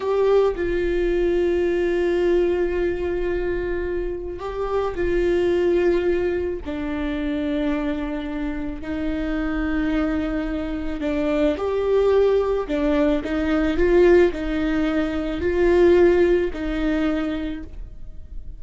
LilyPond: \new Staff \with { instrumentName = "viola" } { \time 4/4 \tempo 4 = 109 g'4 f'2.~ | f'1 | g'4 f'2. | d'1 |
dis'1 | d'4 g'2 d'4 | dis'4 f'4 dis'2 | f'2 dis'2 | }